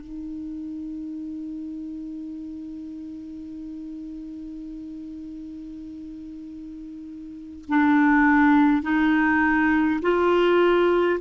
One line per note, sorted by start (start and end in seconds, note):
0.00 7.65 D#4
7.68 8.82 D4
8.82 9.99 D#4
10.02 11.19 F4